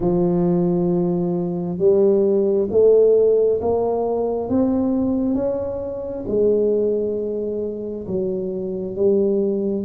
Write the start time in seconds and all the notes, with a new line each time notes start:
0.00 F3
1.78 G3
2.70 A3
3.61 A#3
4.49 C4
5.34 C#4
6.27 G#3
8.07 F#3
8.96 G3